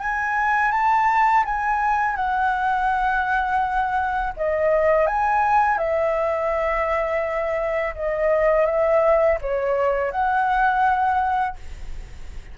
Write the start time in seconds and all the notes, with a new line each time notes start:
0.00 G#5
0.72 A5
1.45 G#5
2.16 F#5
4.37 D#5
5.07 G#5
5.78 E5
7.95 D#5
8.66 E5
9.42 C#5
10.12 F#5